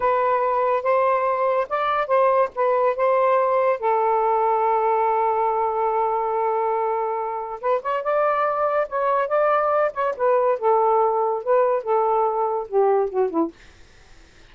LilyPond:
\new Staff \with { instrumentName = "saxophone" } { \time 4/4 \tempo 4 = 142 b'2 c''2 | d''4 c''4 b'4 c''4~ | c''4 a'2.~ | a'1~ |
a'2 b'8 cis''8 d''4~ | d''4 cis''4 d''4. cis''8 | b'4 a'2 b'4 | a'2 g'4 fis'8 e'8 | }